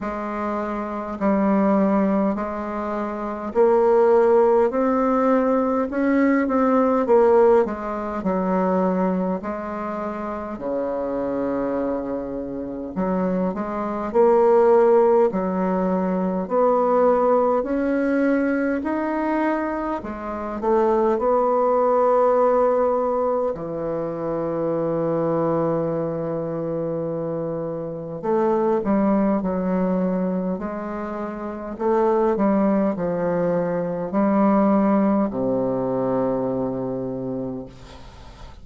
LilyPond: \new Staff \with { instrumentName = "bassoon" } { \time 4/4 \tempo 4 = 51 gis4 g4 gis4 ais4 | c'4 cis'8 c'8 ais8 gis8 fis4 | gis4 cis2 fis8 gis8 | ais4 fis4 b4 cis'4 |
dis'4 gis8 a8 b2 | e1 | a8 g8 fis4 gis4 a8 g8 | f4 g4 c2 | }